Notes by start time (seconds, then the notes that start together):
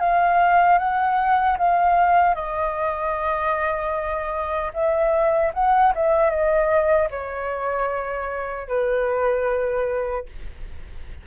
0.00 F5
0.79 F#5
1.58 F5
2.35 D#5
4.74 E5
5.54 F#5
5.95 E5
6.30 D#5
7.11 C#5
8.68 B4